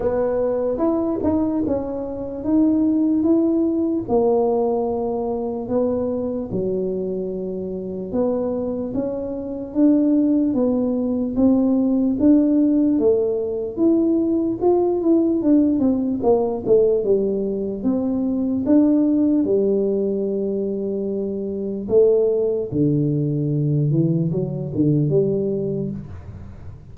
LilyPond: \new Staff \with { instrumentName = "tuba" } { \time 4/4 \tempo 4 = 74 b4 e'8 dis'8 cis'4 dis'4 | e'4 ais2 b4 | fis2 b4 cis'4 | d'4 b4 c'4 d'4 |
a4 e'4 f'8 e'8 d'8 c'8 | ais8 a8 g4 c'4 d'4 | g2. a4 | d4. e8 fis8 d8 g4 | }